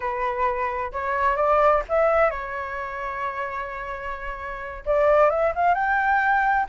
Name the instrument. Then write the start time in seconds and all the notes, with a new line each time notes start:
flute
0.00 B4
0.92 C#5
1.36 D5
1.88 E5
2.30 C#5
4.85 D5
5.30 E5
5.55 F5
5.74 G5